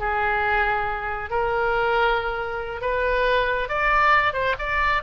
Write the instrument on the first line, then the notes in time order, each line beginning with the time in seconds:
oboe
0.00 G#4
1.30 A#4
2.82 B4
3.69 D5
4.33 C5
4.59 D5